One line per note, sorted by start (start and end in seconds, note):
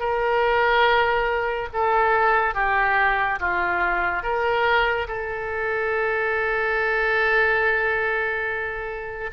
0.00 1.69 A#4
1.74 2.55 A4
2.55 3.39 G4
3.40 4.23 F4
4.23 5.07 A#4
5.08 9.30 A4